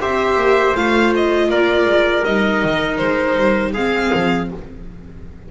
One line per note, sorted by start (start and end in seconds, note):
0.00 0.36 C4
0.00 0.75 G4
0.00 1.50 C5
0.00 0.76 E5
0.36 0.73 A#3
0.75 1.49 A3
0.75 2.25 F4
0.75 1.13 F5
1.15 1.51 D#5
1.49 1.85 A#3
1.49 3.73 A#4
1.49 2.25 D5
1.85 2.23 G#3
2.25 2.64 G3
2.25 3.75 D#4
2.25 2.97 D#5
2.64 3.00 D#3
2.97 3.36 G#3
2.97 3.72 C5
3.36 3.73 G3
3.73 4.11 G#3
3.73 4.51 C4
3.73 4.48 G#4
3.73 4.49 F5
4.14 4.51 F3